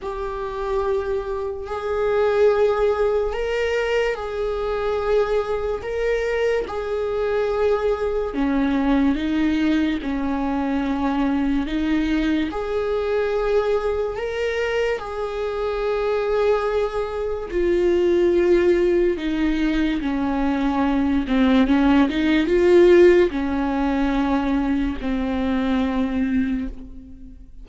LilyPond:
\new Staff \with { instrumentName = "viola" } { \time 4/4 \tempo 4 = 72 g'2 gis'2 | ais'4 gis'2 ais'4 | gis'2 cis'4 dis'4 | cis'2 dis'4 gis'4~ |
gis'4 ais'4 gis'2~ | gis'4 f'2 dis'4 | cis'4. c'8 cis'8 dis'8 f'4 | cis'2 c'2 | }